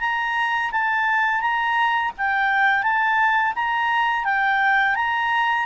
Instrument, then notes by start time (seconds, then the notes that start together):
clarinet
0.00 A#5
0.72 A5
1.41 A#5
2.18 G5
2.83 A5
3.55 A#5
4.24 G5
4.95 A#5